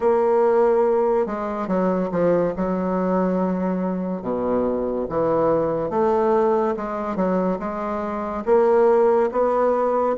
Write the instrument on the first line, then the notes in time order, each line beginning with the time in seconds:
bassoon
0.00 A#3
1.26 G#3
1.67 F#3
2.11 F3
2.56 F#3
4.22 B2
5.09 E3
5.90 A3
6.76 G#3
7.16 F#3
7.59 G#3
8.45 A#3
9.31 B3